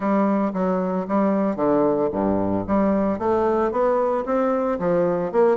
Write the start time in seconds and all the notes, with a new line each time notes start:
0.00 G3
0.53 F#3
1.07 G3
1.56 D3
2.11 G2
2.67 G3
3.18 A3
3.71 B3
4.25 C4
4.79 F3
5.31 A#3